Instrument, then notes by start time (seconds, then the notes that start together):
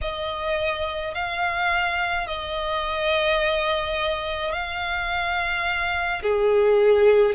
violin
0.01 D#5
1.14 F5
2.27 D#5
4.52 F5
6.22 G#4